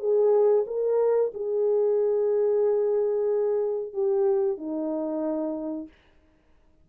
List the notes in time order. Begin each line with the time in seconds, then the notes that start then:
0.00 G#4
0.68 A#4
1.34 G#4
3.94 G4
4.58 D#4